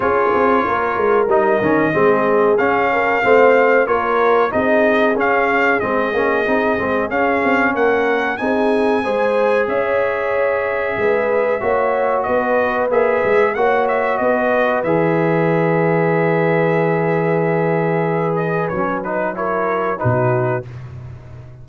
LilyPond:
<<
  \new Staff \with { instrumentName = "trumpet" } { \time 4/4 \tempo 4 = 93 cis''2 dis''2 | f''2 cis''4 dis''4 | f''4 dis''2 f''4 | fis''4 gis''2 e''4~ |
e''2. dis''4 | e''4 fis''8 e''8 dis''4 e''4~ | e''1~ | e''8 dis''8 cis''8 b'8 cis''4 b'4 | }
  \new Staff \with { instrumentName = "horn" } { \time 4/4 gis'4 ais'2 gis'4~ | gis'8 ais'8 c''4 ais'4 gis'4~ | gis'1 | ais'4 gis'4 c''4 cis''4~ |
cis''4 b'4 cis''4 b'4~ | b'4 cis''4 b'2~ | b'1~ | b'2 ais'4 fis'4 | }
  \new Staff \with { instrumentName = "trombone" } { \time 4/4 f'2 dis'8 cis'8 c'4 | cis'4 c'4 f'4 dis'4 | cis'4 c'8 cis'8 dis'8 c'8 cis'4~ | cis'4 dis'4 gis'2~ |
gis'2 fis'2 | gis'4 fis'2 gis'4~ | gis'1~ | gis'4 cis'8 dis'8 e'4 dis'4 | }
  \new Staff \with { instrumentName = "tuba" } { \time 4/4 cis'8 c'8 ais8 gis8 g8 dis8 gis4 | cis'4 a4 ais4 c'4 | cis'4 gis8 ais8 c'8 gis8 cis'8 c'8 | ais4 c'4 gis4 cis'4~ |
cis'4 gis4 ais4 b4 | ais8 gis8 ais4 b4 e4~ | e1~ | e4 fis2 b,4 | }
>>